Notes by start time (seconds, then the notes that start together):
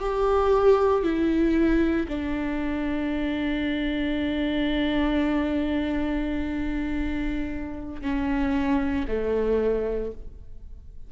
0.00 G4
1.03 E4
2.08 D4
8.02 C#4
9.08 A3